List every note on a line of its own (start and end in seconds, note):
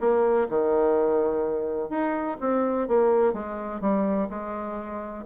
0.00 0.48 A#3
0.49 1.90 D#3
1.90 2.37 D#4
2.40 2.88 C4
2.88 3.33 A#3
3.33 3.81 G#3
3.81 4.29 G3
4.29 5.25 G#3